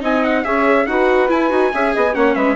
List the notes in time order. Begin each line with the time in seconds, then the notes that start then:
0.00 C4 D#4 D#5 G#5
0.24 F#5
0.44 C#4 G#4 C#5 E5
0.86 D#4 F#4 B4 F#5
1.28 E4 G#5
1.50 D#4 F#4
1.73 C#4 G#4 E5
1.94 B3 D#5
2.13 A#3 C#4 C#5 F#5
2.34 G#3 B4 E5